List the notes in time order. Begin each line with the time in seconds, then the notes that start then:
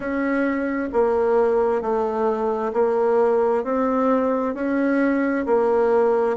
0.00 C#4
0.92 A#3
1.81 A3
2.73 A#3
3.64 C4
4.54 C#4
5.45 A#3